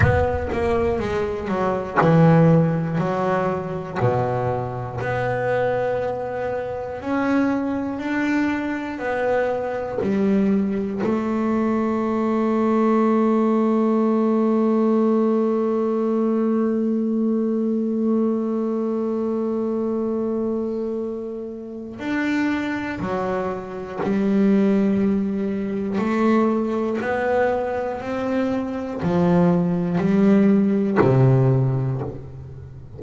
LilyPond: \new Staff \with { instrumentName = "double bass" } { \time 4/4 \tempo 4 = 60 b8 ais8 gis8 fis8 e4 fis4 | b,4 b2 cis'4 | d'4 b4 g4 a4~ | a1~ |
a1~ | a2 d'4 fis4 | g2 a4 b4 | c'4 f4 g4 c4 | }